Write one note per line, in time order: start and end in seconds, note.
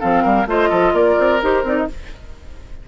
0.00 0.25 F3
0.00 0.47 C4
0.00 0.23 A4
0.00 0.47 F5
0.23 0.46 G3
0.23 0.47 A#4
0.46 0.70 A3
0.46 1.40 F4
0.46 0.69 C5
0.46 0.95 D#5
0.69 0.93 F3
0.69 0.92 A4
0.93 1.17 A#3
0.93 1.88 A#4
0.93 1.42 D5
1.19 1.43 C4
1.43 1.64 D#4
1.43 1.65 G4
1.43 1.67 C5
1.64 1.87 C4
1.64 1.88 D#4
1.64 1.77 D5
1.77 1.88 D#5